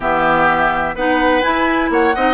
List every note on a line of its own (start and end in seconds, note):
0.00 0.94 E3
0.00 0.96 B3
0.00 0.95 G4
0.00 0.96 E5
0.94 1.42 B3
0.94 1.42 D#4
0.94 1.90 B4
0.94 1.41 F#5
1.41 2.13 E4
1.41 1.90 E4
1.41 1.89 G#5
1.90 2.13 A#3
1.90 2.15 C#5
1.90 2.33 F#5
2.15 2.33 C4
2.15 2.33 D#4
2.15 2.33 D#5